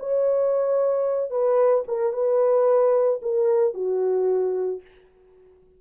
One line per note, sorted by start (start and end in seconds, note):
0.00 1.31 C#5
1.31 1.84 B4
1.88 2.13 A#4
2.13 3.20 B4
3.22 3.74 A#4
3.74 4.81 F#4